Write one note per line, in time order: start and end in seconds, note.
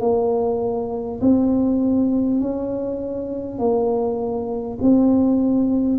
0.00 1.20 A#3
1.21 2.40 C4
2.40 3.58 C#4
3.58 4.78 A#3
4.81 5.98 C4